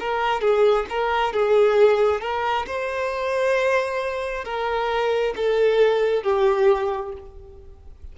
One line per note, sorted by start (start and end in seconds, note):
0.00 0.41 A#4
0.41 0.86 G#4
0.90 1.33 A#4
1.33 2.21 G#4
2.21 2.66 A#4
2.67 4.45 C5
4.45 5.34 A#4
5.36 6.23 A4
6.23 7.13 G4